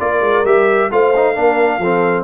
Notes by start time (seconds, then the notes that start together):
0.00 A#3 F4 A#4 D5
0.22 G#3
0.45 G3 G4 E5
0.92 A3 F4 C5 F5
1.16 D#4
1.35 A#3 D4 A#4
1.79 F3 C4 A4